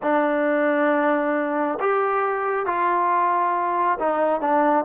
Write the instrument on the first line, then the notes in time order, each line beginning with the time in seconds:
trombone
0.02 D4
1.79 G4
2.66 F4
3.99 D#4
4.40 D4